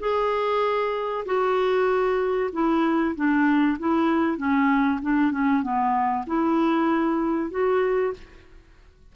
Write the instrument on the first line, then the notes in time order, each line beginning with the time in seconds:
clarinet
0.00 G#4
1.26 F#4
2.53 E4
3.16 D4
3.79 E4
4.38 C#4
5.02 D4
5.32 C#4
5.63 B3
6.27 E4
7.51 F#4